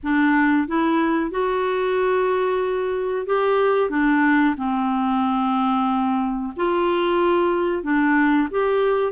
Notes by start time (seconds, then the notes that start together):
0.03 D4
0.67 E4
1.30 F#4
3.26 G4
3.90 D4
4.57 C4
6.56 F4
7.83 D4
8.50 G4